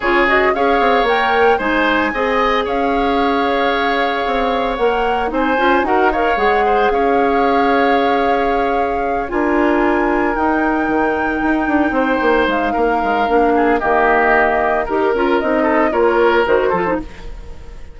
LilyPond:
<<
  \new Staff \with { instrumentName = "flute" } { \time 4/4 \tempo 4 = 113 cis''8 dis''8 f''4 g''4 gis''4~ | gis''4 f''2.~ | f''4 fis''4 gis''4 fis''8 f''8 | fis''4 f''2.~ |
f''4. gis''2 g''8~ | g''2.~ g''8 f''8~ | f''2 dis''2 | ais'4 dis''4 cis''4 c''4 | }
  \new Staff \with { instrumentName = "oboe" } { \time 4/4 gis'4 cis''2 c''4 | dis''4 cis''2.~ | cis''2 c''4 ais'8 cis''8~ | cis''8 c''8 cis''2.~ |
cis''4. ais'2~ ais'8~ | ais'2~ ais'8 c''4. | ais'4. gis'8 g'2 | ais'4. a'8 ais'4. a'8 | }
  \new Staff \with { instrumentName = "clarinet" } { \time 4/4 f'8 fis'8 gis'4 ais'4 dis'4 | gis'1~ | gis'4 ais'4 dis'8 f'8 fis'8 ais'8 | gis'1~ |
gis'4. f'2 dis'8~ | dis'1~ | dis'4 d'4 ais2 | g'8 f'8 dis'4 f'4 fis'8 f'16 dis'16 | }
  \new Staff \with { instrumentName = "bassoon" } { \time 4/4 cis4 cis'8 c'8 ais4 gis4 | c'4 cis'2. | c'4 ais4 c'8 cis'8 dis'4 | gis4 cis'2.~ |
cis'4. d'2 dis'8~ | dis'8 dis4 dis'8 d'8 c'8 ais8 gis8 | ais8 gis8 ais4 dis2 | dis'8 cis'8 c'4 ais4 dis8 f8 | }
>>